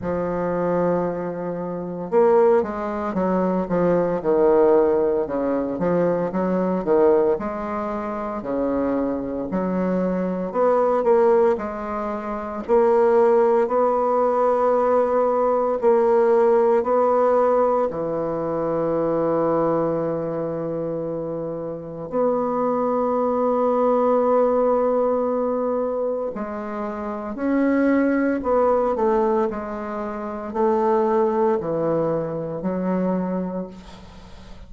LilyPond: \new Staff \with { instrumentName = "bassoon" } { \time 4/4 \tempo 4 = 57 f2 ais8 gis8 fis8 f8 | dis4 cis8 f8 fis8 dis8 gis4 | cis4 fis4 b8 ais8 gis4 | ais4 b2 ais4 |
b4 e2.~ | e4 b2.~ | b4 gis4 cis'4 b8 a8 | gis4 a4 e4 fis4 | }